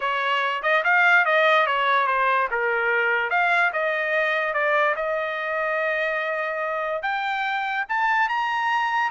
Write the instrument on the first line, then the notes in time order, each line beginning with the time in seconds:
trumpet
0.00 C#5
0.62 D#5
0.84 F5
1.25 D#5
1.66 C#5
2.06 C5
2.51 A#4
3.30 F5
3.72 D#5
4.53 D5
4.96 D#5
7.02 G5
7.88 A5
8.29 A#5